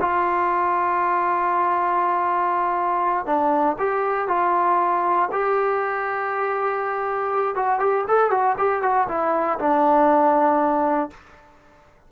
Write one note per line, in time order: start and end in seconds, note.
0.00 3.26 F4
3.26 3.76 D4
3.79 4.28 G4
4.28 5.29 F4
5.32 7.55 G4
7.55 7.79 F#4
7.79 8.04 G4
8.08 8.31 A4
8.31 8.56 F#4
8.58 8.82 G4
8.82 9.07 F#4
9.08 9.58 E4
9.59 11.10 D4